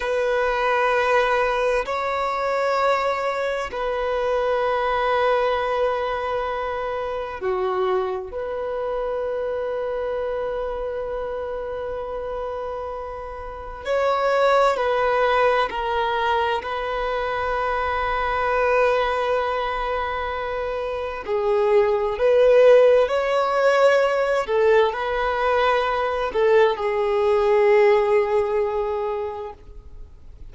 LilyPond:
\new Staff \with { instrumentName = "violin" } { \time 4/4 \tempo 4 = 65 b'2 cis''2 | b'1 | fis'4 b'2.~ | b'2. cis''4 |
b'4 ais'4 b'2~ | b'2. gis'4 | b'4 cis''4. a'8 b'4~ | b'8 a'8 gis'2. | }